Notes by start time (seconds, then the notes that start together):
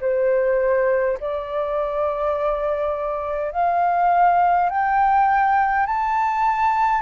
0.00 C5
1.20 D5
3.52 F5
4.70 G5
5.86 A5